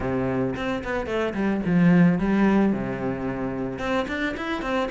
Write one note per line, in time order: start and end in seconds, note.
0.00 0.55 C3
0.56 0.83 C4
0.84 1.06 B3
1.06 1.33 A3
1.34 1.61 G3
1.65 2.18 F3
2.18 2.72 G3
2.72 3.79 C3
3.79 4.06 C4
4.08 4.35 D4
4.36 4.61 E4
4.61 4.89 C4